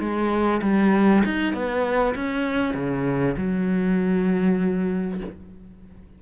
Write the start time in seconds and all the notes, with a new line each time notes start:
0.00 G#3
0.62 G3
1.24 D#4
1.53 B3
2.15 C#4
2.74 C#3
3.37 F#3